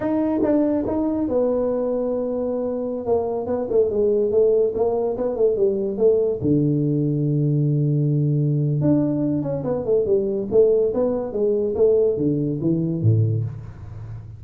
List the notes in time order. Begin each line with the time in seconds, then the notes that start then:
0.00 D#4
0.43 D4
0.86 D#4
1.28 B3
3.06 A#3
3.46 B3
3.70 A3
3.89 G#3
4.31 A3
4.74 A#3
5.17 B3
5.36 A3
5.56 G3
5.97 A3
6.41 D3
8.81 D4
9.42 C#4
9.64 B3
9.85 A3
10.06 G3
10.51 A3
10.94 B3
11.32 G#3
11.75 A3
12.17 D3
12.60 E3
13.01 A2